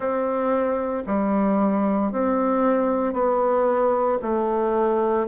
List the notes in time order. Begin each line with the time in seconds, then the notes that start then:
0.00 C4
1.06 G3
2.11 C4
3.13 B3
4.22 A3